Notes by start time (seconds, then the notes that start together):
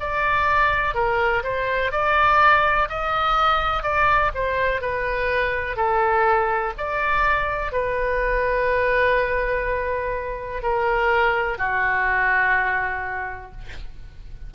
0.00 D5
0.95 A#4
1.43 C5
1.92 D5
2.89 D#5
3.83 D5
4.34 C5
4.81 B4
5.76 A4
6.77 D5
7.72 B4
10.62 A#4
11.58 F#4